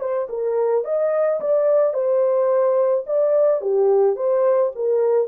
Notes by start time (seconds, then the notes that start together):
0.00 C5
0.29 A#4
0.84 D#5
1.40 D5
1.93 C5
3.07 D5
3.61 G4
4.16 C5
4.75 A#4